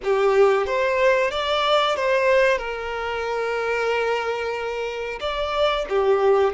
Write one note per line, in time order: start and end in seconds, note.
0.03 0.66 G4
0.66 1.30 C5
1.30 1.96 D5
1.96 2.58 C5
2.58 5.18 A#4
5.20 5.85 D5
5.89 6.53 G4